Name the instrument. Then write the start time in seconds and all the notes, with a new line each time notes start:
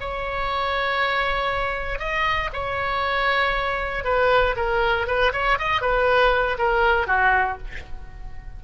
oboe
0.00 C#5
1.99 D#5
2.53 C#5
4.04 B4
4.56 A#4
5.07 B4
5.33 C#5
5.58 D#5
5.81 B4
6.58 A#4
7.07 F#4